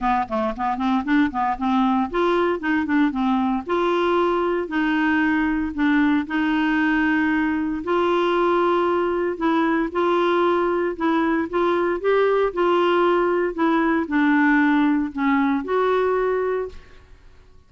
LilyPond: \new Staff \with { instrumentName = "clarinet" } { \time 4/4 \tempo 4 = 115 b8 a8 b8 c'8 d'8 b8 c'4 | f'4 dis'8 d'8 c'4 f'4~ | f'4 dis'2 d'4 | dis'2. f'4~ |
f'2 e'4 f'4~ | f'4 e'4 f'4 g'4 | f'2 e'4 d'4~ | d'4 cis'4 fis'2 | }